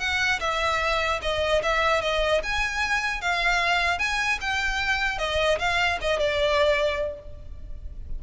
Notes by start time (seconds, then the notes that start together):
0.00 F#5
0.40 E5
1.22 D#5
1.63 E5
2.02 D#5
2.43 G#5
3.22 F5
3.99 G#5
4.41 G5
5.19 D#5
5.59 F5
6.02 D#5
6.20 D5